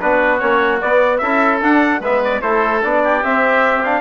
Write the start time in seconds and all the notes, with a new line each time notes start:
0.00 B3 D4 F#4 B4
0.39 A#3 C#4 C#5
0.81 B3 D5
1.18 C#4 E4 A4 E5
1.62 D4 F#5
2.00 G#3 B3 B4 E5
2.24 D5
2.41 A3 E4 A4 C5
2.83 B3 D4 D5
3.04 G4
3.23 C4 E5
3.84 D4 F5